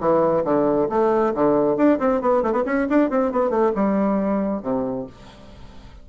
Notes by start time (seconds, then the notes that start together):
0.00 E3
0.45 D3
0.89 A3
1.35 D3
1.77 D4
2.00 C4
2.22 B3
2.43 A3
2.52 B3
2.66 C#4
2.90 D4
3.10 C4
3.32 B3
3.50 A3
3.76 G3
4.62 C3